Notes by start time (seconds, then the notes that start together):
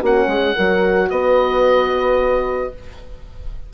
0.00 A#3 C#4 F#4 F#5
0.27 G#3 G#4
0.56 F#3 F#4 A#4
1.10 B3 B4 D#5